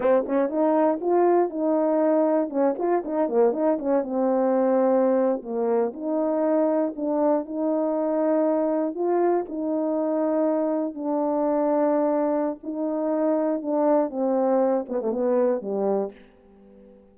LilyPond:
\new Staff \with { instrumentName = "horn" } { \time 4/4 \tempo 4 = 119 c'8 cis'8 dis'4 f'4 dis'4~ | dis'4 cis'8 f'8 dis'8 ais8 dis'8 cis'8 | c'2~ c'8. ais4 dis'16~ | dis'4.~ dis'16 d'4 dis'4~ dis'16~ |
dis'4.~ dis'16 f'4 dis'4~ dis'16~ | dis'4.~ dis'16 d'2~ d'16~ | d'4 dis'2 d'4 | c'4. b16 a16 b4 g4 | }